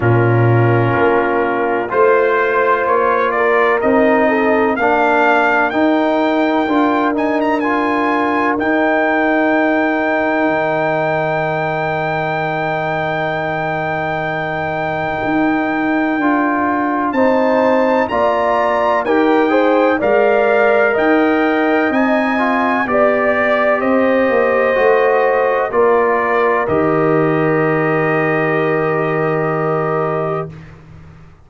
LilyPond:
<<
  \new Staff \with { instrumentName = "trumpet" } { \time 4/4 \tempo 4 = 63 ais'2 c''4 cis''8 d''8 | dis''4 f''4 g''4. gis''16 ais''16 | gis''4 g''2.~ | g''1~ |
g''2 a''4 ais''4 | g''4 f''4 g''4 gis''4 | d''4 dis''2 d''4 | dis''1 | }
  \new Staff \with { instrumentName = "horn" } { \time 4/4 f'2 c''4. ais'8~ | ais'8 a'8 ais'2.~ | ais'1~ | ais'1~ |
ais'2 c''4 d''4 | ais'8 c''8 d''4 dis''2 | d''4 c''2 ais'4~ | ais'1 | }
  \new Staff \with { instrumentName = "trombone" } { \time 4/4 cis'2 f'2 | dis'4 d'4 dis'4 f'8 dis'8 | f'4 dis'2.~ | dis'1~ |
dis'4 f'4 dis'4 f'4 | g'8 gis'8 ais'2 dis'8 f'8 | g'2 fis'4 f'4 | g'1 | }
  \new Staff \with { instrumentName = "tuba" } { \time 4/4 ais,4 ais4 a4 ais4 | c'4 ais4 dis'4 d'4~ | d'4 dis'2 dis4~ | dis1 |
dis'4 d'4 c'4 ais4 | dis'4 gis4 dis'4 c'4 | b4 c'8 ais8 a4 ais4 | dis1 | }
>>